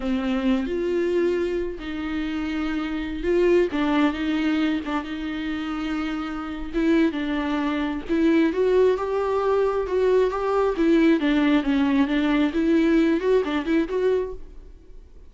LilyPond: \new Staff \with { instrumentName = "viola" } { \time 4/4 \tempo 4 = 134 c'4. f'2~ f'8 | dis'2.~ dis'16 f'8.~ | f'16 d'4 dis'4. d'8 dis'8.~ | dis'2. e'4 |
d'2 e'4 fis'4 | g'2 fis'4 g'4 | e'4 d'4 cis'4 d'4 | e'4. fis'8 d'8 e'8 fis'4 | }